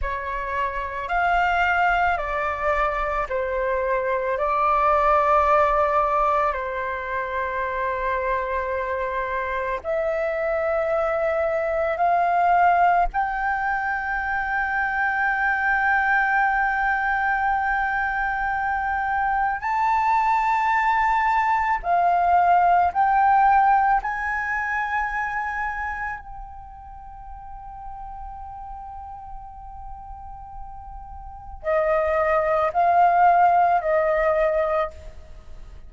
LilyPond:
\new Staff \with { instrumentName = "flute" } { \time 4/4 \tempo 4 = 55 cis''4 f''4 d''4 c''4 | d''2 c''2~ | c''4 e''2 f''4 | g''1~ |
g''2 a''2 | f''4 g''4 gis''2 | g''1~ | g''4 dis''4 f''4 dis''4 | }